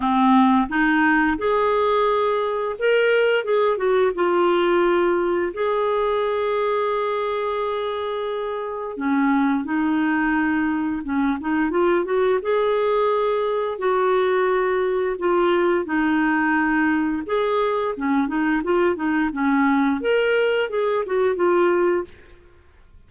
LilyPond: \new Staff \with { instrumentName = "clarinet" } { \time 4/4 \tempo 4 = 87 c'4 dis'4 gis'2 | ais'4 gis'8 fis'8 f'2 | gis'1~ | gis'4 cis'4 dis'2 |
cis'8 dis'8 f'8 fis'8 gis'2 | fis'2 f'4 dis'4~ | dis'4 gis'4 cis'8 dis'8 f'8 dis'8 | cis'4 ais'4 gis'8 fis'8 f'4 | }